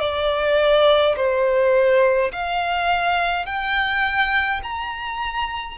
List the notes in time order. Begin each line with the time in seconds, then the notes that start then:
0.00 D5
1.16 C5
2.32 F5
3.46 G5
4.63 A#5